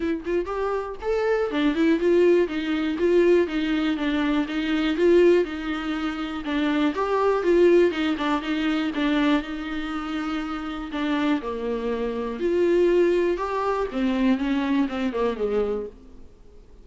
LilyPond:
\new Staff \with { instrumentName = "viola" } { \time 4/4 \tempo 4 = 121 e'8 f'8 g'4 a'4 d'8 e'8 | f'4 dis'4 f'4 dis'4 | d'4 dis'4 f'4 dis'4~ | dis'4 d'4 g'4 f'4 |
dis'8 d'8 dis'4 d'4 dis'4~ | dis'2 d'4 ais4~ | ais4 f'2 g'4 | c'4 cis'4 c'8 ais8 gis4 | }